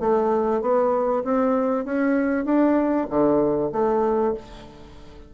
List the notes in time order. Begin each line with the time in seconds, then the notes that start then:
0.00 A3
0.62 B3
1.25 C4
1.85 C#4
2.45 D4
3.10 D3
3.73 A3